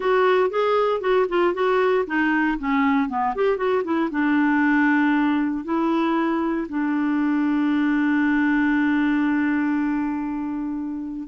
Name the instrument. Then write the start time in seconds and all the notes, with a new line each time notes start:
clarinet
0.00 F#4
0.49 G#4
1.00 F#4
1.28 F4
1.53 F#4
2.07 D#4
2.58 C#4
3.09 B3
3.34 G4
3.57 F#4
3.84 E4
4.10 D4
5.64 E4
6.68 D4